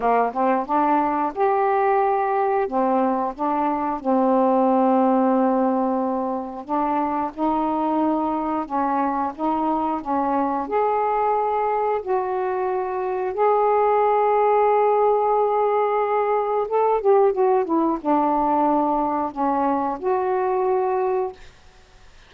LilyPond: \new Staff \with { instrumentName = "saxophone" } { \time 4/4 \tempo 4 = 90 ais8 c'8 d'4 g'2 | c'4 d'4 c'2~ | c'2 d'4 dis'4~ | dis'4 cis'4 dis'4 cis'4 |
gis'2 fis'2 | gis'1~ | gis'4 a'8 g'8 fis'8 e'8 d'4~ | d'4 cis'4 fis'2 | }